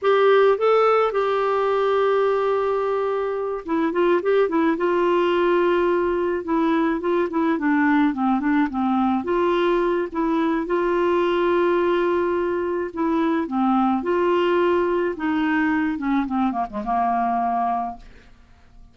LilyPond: \new Staff \with { instrumentName = "clarinet" } { \time 4/4 \tempo 4 = 107 g'4 a'4 g'2~ | g'2~ g'8 e'8 f'8 g'8 | e'8 f'2. e'8~ | e'8 f'8 e'8 d'4 c'8 d'8 c'8~ |
c'8 f'4. e'4 f'4~ | f'2. e'4 | c'4 f'2 dis'4~ | dis'8 cis'8 c'8 ais16 gis16 ais2 | }